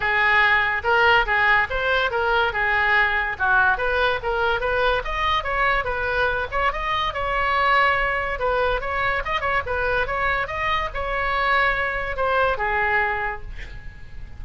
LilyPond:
\new Staff \with { instrumentName = "oboe" } { \time 4/4 \tempo 4 = 143 gis'2 ais'4 gis'4 | c''4 ais'4 gis'2 | fis'4 b'4 ais'4 b'4 | dis''4 cis''4 b'4. cis''8 |
dis''4 cis''2. | b'4 cis''4 dis''8 cis''8 b'4 | cis''4 dis''4 cis''2~ | cis''4 c''4 gis'2 | }